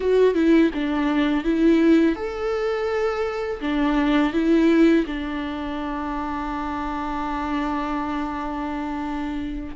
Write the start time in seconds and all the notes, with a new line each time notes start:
0.00 F#4
0.34 E4
0.74 D4
1.44 E4
2.15 A4
3.60 D4
4.33 E4
5.06 D4